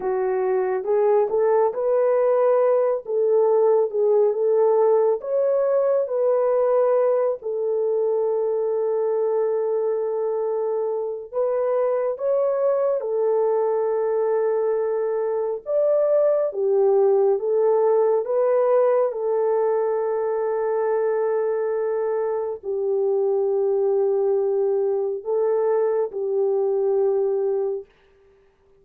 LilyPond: \new Staff \with { instrumentName = "horn" } { \time 4/4 \tempo 4 = 69 fis'4 gis'8 a'8 b'4. a'8~ | a'8 gis'8 a'4 cis''4 b'4~ | b'8 a'2.~ a'8~ | a'4 b'4 cis''4 a'4~ |
a'2 d''4 g'4 | a'4 b'4 a'2~ | a'2 g'2~ | g'4 a'4 g'2 | }